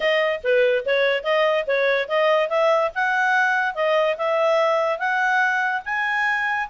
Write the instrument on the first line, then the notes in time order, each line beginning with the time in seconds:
clarinet
0.00 D#5
0.43 B4
0.85 C#5
1.23 D#5
1.66 C#5
2.08 D#5
2.49 E5
2.94 F#5
3.74 D#5
4.17 E5
4.98 F#5
5.85 G#5